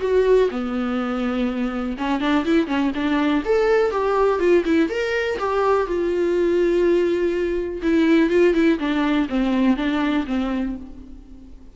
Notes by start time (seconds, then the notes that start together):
0.00 F#4
0.50 B3
1.97 C#4
2.20 D4
2.45 E4
2.67 C#4
2.94 D4
3.45 A4
3.90 G4
4.39 F4
4.65 E4
4.89 A#4
5.38 G4
5.86 F4
7.82 E4
8.29 F4
8.54 E4
8.79 D4
9.29 C4
9.76 D4
10.26 C4